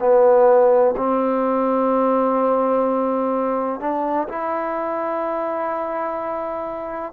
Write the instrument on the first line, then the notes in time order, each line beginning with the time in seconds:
trombone
0.00 B3
0.97 C4
3.80 D4
4.29 E4